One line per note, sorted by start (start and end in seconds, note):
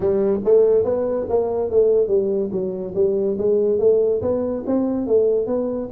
0.00 0.40 G3
0.44 0.84 A3
0.84 1.26 B3
1.29 1.70 A#3
1.70 2.07 A3
2.07 2.49 G3
2.51 2.94 F#3
2.94 3.37 G3
3.37 3.79 G#3
3.79 4.21 A3
4.21 4.63 B3
4.66 5.06 C4
5.06 5.46 A3
5.46 5.88 B3